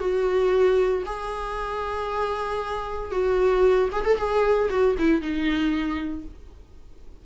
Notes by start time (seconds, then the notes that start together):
0.00 F#4
1.06 G#4
3.12 F#4
3.92 G#4
4.05 A4
4.18 G#4
4.70 F#4
4.99 E4
5.21 D#4